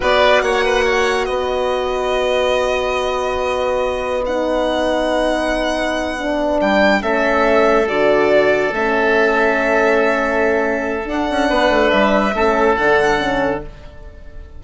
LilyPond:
<<
  \new Staff \with { instrumentName = "violin" } { \time 4/4 \tempo 4 = 141 d''4 fis''2 dis''4~ | dis''1~ | dis''2 fis''2~ | fis''2.~ fis''8 g''8~ |
g''8 e''2 d''4.~ | d''8 e''2.~ e''8~ | e''2 fis''2 | e''2 fis''2 | }
  \new Staff \with { instrumentName = "oboe" } { \time 4/4 b'4 cis''8 b'8 cis''4 b'4~ | b'1~ | b'1~ | b'1~ |
b'8 a'2.~ a'8~ | a'1~ | a'2. b'4~ | b'4 a'2. | }
  \new Staff \with { instrumentName = "horn" } { \time 4/4 fis'1~ | fis'1~ | fis'2 dis'2~ | dis'2~ dis'8 d'4.~ |
d'8 cis'2 fis'4.~ | fis'8 cis'2.~ cis'8~ | cis'2 d'2~ | d'4 cis'4 d'4 cis'4 | }
  \new Staff \with { instrumentName = "bassoon" } { \time 4/4 b4 ais2 b4~ | b1~ | b1~ | b2.~ b8 g8~ |
g8 a2 d4.~ | d8 a2.~ a8~ | a2 d'8 cis'8 b8 a8 | g4 a4 d2 | }
>>